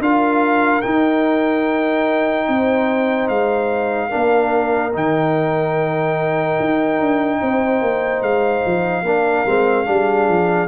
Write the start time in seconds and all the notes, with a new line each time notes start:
0.00 D4 F4 A#4 F5
0.82 D#4 G5
2.48 C4 C5
3.29 G#3 F5
4.10 A#3 D4 A#4
4.94 D#3 D#4 G5
6.60 D#4
7.01 D4
7.41 C4 C5
7.82 A#3
8.22 G#3 F5
8.66 F3
9.03 A#3 D4 A#4
9.46 G#3 C4
9.86 G3 D4 G#4
10.29 F3